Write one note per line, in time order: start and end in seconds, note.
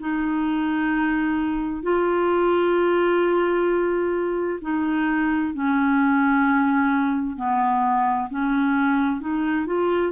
0.00 1.83 D#4
1.83 4.60 F4
4.62 5.54 D#4
5.54 7.37 C#4
7.37 8.29 B3
8.30 9.21 C#4
9.21 9.66 D#4
9.66 10.12 F4